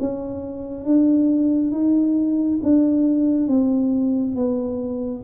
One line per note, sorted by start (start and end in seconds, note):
0.00 0.85 C#4
0.85 1.72 D4
1.72 2.60 D#4
2.63 3.47 D4
3.47 4.36 C4
4.36 5.24 B3